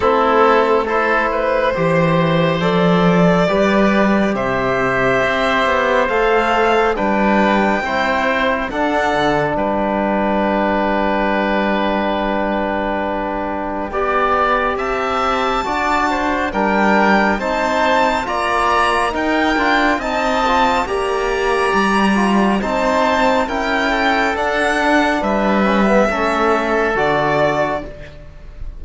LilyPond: <<
  \new Staff \with { instrumentName = "violin" } { \time 4/4 \tempo 4 = 69 a'4 c''2 d''4~ | d''4 e''2 f''4 | g''2 fis''4 g''4~ | g''1~ |
g''4 a''2 g''4 | a''4 ais''4 g''4 a''4 | ais''2 a''4 g''4 | fis''4 e''2 d''4 | }
  \new Staff \with { instrumentName = "oboe" } { \time 4/4 e'4 a'8 b'8 c''2 | b'4 c''2. | b'4 c''4 a'4 b'4~ | b'1 |
d''4 e''4 d''8 c''8 ais'4 | c''4 d''4 ais'4 dis''4 | d''2 c''4 ais'8 a'8~ | a'4 b'4 a'2 | }
  \new Staff \with { instrumentName = "trombone" } { \time 4/4 c'4 e'4 g'4 a'4 | g'2. a'4 | d'4 e'4 d'2~ | d'1 |
g'2 fis'4 d'4 | dis'4 f'4 dis'8 f'8 dis'8 f'8 | g'4. f'8 dis'4 e'4 | d'4. cis'16 b16 cis'4 fis'4 | }
  \new Staff \with { instrumentName = "cello" } { \time 4/4 a2 e4 f4 | g4 c4 c'8 b8 a4 | g4 c'4 d'8 d8 g4~ | g1 |
b4 c'4 d'4 g4 | c'4 ais4 dis'8 d'8 c'4 | ais4 g4 c'4 cis'4 | d'4 g4 a4 d4 | }
>>